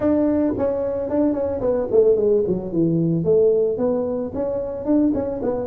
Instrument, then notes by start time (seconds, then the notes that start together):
tuba
0.00 D4
0.57 C#4
1.09 D4
1.33 C#4
1.60 B3
1.91 A3
2.16 G#3
2.47 F#3
2.72 E3
3.24 A3
3.77 B3
4.34 C#4
4.85 D4
5.14 C#4
5.42 B3